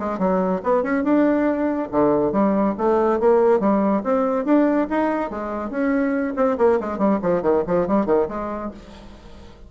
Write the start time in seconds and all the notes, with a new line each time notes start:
0.00 G#3
0.19 F#3
0.64 B3
0.83 C#4
1.04 D4
1.92 D3
2.33 G3
2.78 A3
3.20 A#3
3.60 G3
4.04 C4
4.45 D4
4.90 D#4
5.31 G#3
5.71 C#4
6.37 C4
6.58 A#3
6.81 G#3
6.99 G3
7.23 F3
7.43 D#3
7.68 F3
7.88 G3
8.06 D#3
8.29 G#3